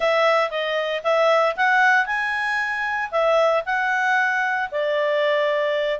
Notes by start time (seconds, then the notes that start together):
0.00 E5
0.50 D#5
1.03 E5
1.56 F#5
2.06 G#5
3.11 E5
3.65 F#5
4.71 D5